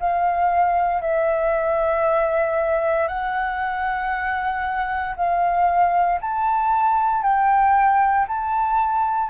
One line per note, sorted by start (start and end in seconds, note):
0.00 1.02 F5
1.02 3.08 E5
3.08 5.15 F#5
5.16 6.20 F5
6.21 7.23 A5
7.23 8.26 G5
8.28 9.30 A5